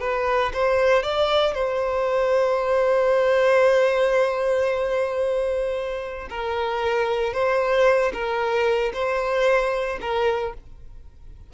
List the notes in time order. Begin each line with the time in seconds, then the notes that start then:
0.00 B4
0.54 C5
1.03 D5
1.55 C5
6.30 A#4
7.33 C5
8.14 A#4
8.94 C5
10.01 A#4